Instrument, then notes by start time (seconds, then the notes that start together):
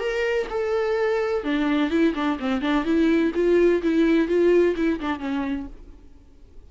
viola
0.00 A#4
0.50 A4
1.44 D4
1.90 E4
2.15 D4
2.40 C4
2.62 D4
2.85 E4
3.35 F4
3.83 E4
4.28 F4
4.76 E4
5.00 D4
5.19 C#4